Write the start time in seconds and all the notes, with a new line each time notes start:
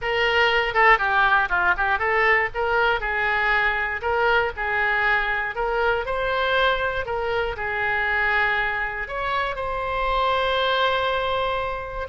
0.01 A#4
0.73 A4
0.98 G4
1.49 F4
1.77 G4
1.98 A4
2.54 A#4
3.00 G#4
4.01 A#4
4.56 G#4
5.55 A#4
6.05 C5
7.05 A#4
7.56 G#4
9.08 C#5
9.55 C5